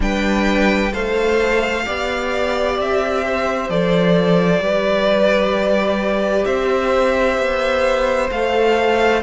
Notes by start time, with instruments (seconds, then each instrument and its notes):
0.00 cello G3, viola D4, violin B4 G5
0.92 cello A3, viola A4, violin C5 F5
1.85 cello B3, viola G4, violin D5
2.78 cello C4, violin E5
3.24 violin C5
3.69 cello F3, viola A4, violin D5
4.59 cello G3, viola G4, violin B4
6.45 cello C4, violin C5 E5
7.37 cello B3
8.30 cello A3, viola A4, violin F5